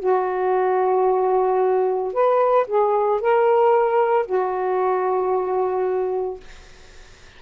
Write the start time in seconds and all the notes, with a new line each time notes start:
0.00 F#4
2.14 B4
2.67 G#4
3.21 A#4
4.27 F#4